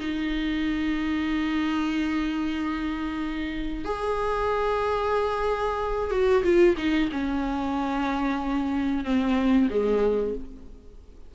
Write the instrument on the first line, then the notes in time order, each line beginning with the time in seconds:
viola
0.00 D#4
3.85 G#4
6.11 F#4
6.44 F4
6.77 D#4
7.12 C#4
9.04 C4
9.70 G#3